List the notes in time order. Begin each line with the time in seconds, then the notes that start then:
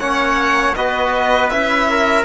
0.00 A#3 C#4 C#5 F#5
0.76 B3 F#4 B4 D#5
1.50 C#4 E4 E5
1.90 A#4